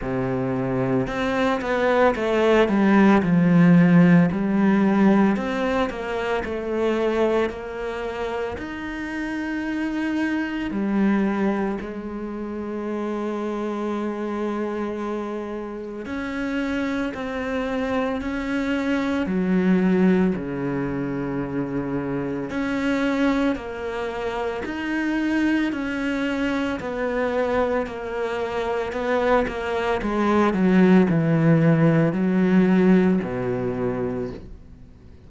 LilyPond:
\new Staff \with { instrumentName = "cello" } { \time 4/4 \tempo 4 = 56 c4 c'8 b8 a8 g8 f4 | g4 c'8 ais8 a4 ais4 | dis'2 g4 gis4~ | gis2. cis'4 |
c'4 cis'4 fis4 cis4~ | cis4 cis'4 ais4 dis'4 | cis'4 b4 ais4 b8 ais8 | gis8 fis8 e4 fis4 b,4 | }